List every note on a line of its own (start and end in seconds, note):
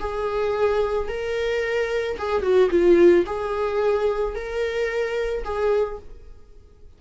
0.00 1.09 G#4
1.09 2.18 A#4
2.19 2.42 G#4
2.42 2.70 F#4
2.70 3.25 F4
3.26 4.35 G#4
4.35 5.44 A#4
5.44 5.99 G#4